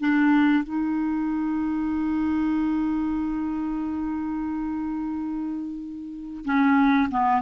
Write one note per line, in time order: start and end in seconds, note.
0.00 0.64 D4
0.64 6.45 D#4
6.45 7.10 C#4
7.11 7.42 B3